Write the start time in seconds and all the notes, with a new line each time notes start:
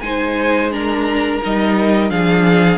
0.00 G#3 D#4 C5 G#5
0.71 D4 A#4 A#5
1.42 G3 D#4 D#5
2.09 F3 D4 G#4 F5